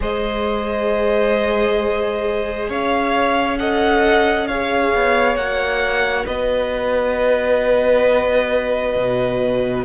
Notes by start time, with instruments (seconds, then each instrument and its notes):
0.00 cello G#3, viola G#4, violin C5 D#5
2.69 cello C#4, violin C#5 F5
3.58 viola A4, violin D#5 F#5
4.47 viola G#4, violin C#5 F5
4.94 cello B3
5.35 cello A#3, viola F#4, violin F#5
6.26 cello B3, violin B4 D#5
8.96 cello B2